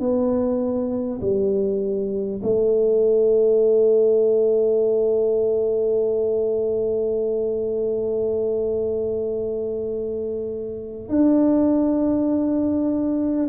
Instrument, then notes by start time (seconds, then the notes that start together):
tuba
0.00 B3
1.21 G3
2.43 A3
11.09 D4